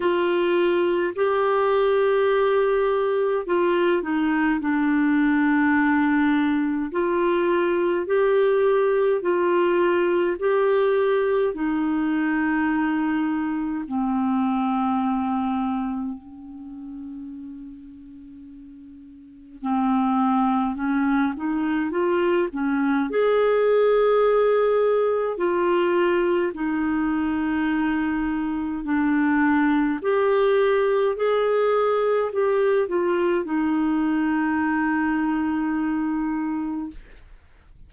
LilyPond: \new Staff \with { instrumentName = "clarinet" } { \time 4/4 \tempo 4 = 52 f'4 g'2 f'8 dis'8 | d'2 f'4 g'4 | f'4 g'4 dis'2 | c'2 cis'2~ |
cis'4 c'4 cis'8 dis'8 f'8 cis'8 | gis'2 f'4 dis'4~ | dis'4 d'4 g'4 gis'4 | g'8 f'8 dis'2. | }